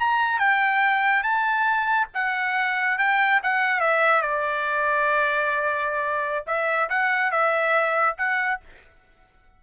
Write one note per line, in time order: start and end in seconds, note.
0.00 0.39 A#5
0.39 1.23 G5
1.23 2.08 A5
2.15 2.98 F#5
2.98 3.41 G5
3.43 3.80 F#5
3.80 4.22 E5
4.22 6.45 D5
6.47 6.89 E5
6.89 7.32 F#5
7.32 8.17 E5
8.18 8.60 F#5